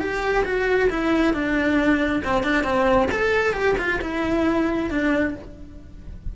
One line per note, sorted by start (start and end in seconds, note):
0.00 0.44 G4
0.45 0.89 F#4
0.90 1.34 E4
1.34 2.22 D4
2.25 2.44 C4
2.44 2.64 D4
2.64 3.09 C4
3.12 3.54 A4
3.54 3.76 G4
3.78 4.01 F4
4.02 4.91 E4
4.91 5.35 D4